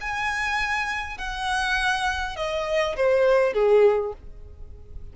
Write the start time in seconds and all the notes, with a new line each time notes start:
0.00 G#5
1.17 F#5
2.36 D#5
2.96 C5
3.53 G#4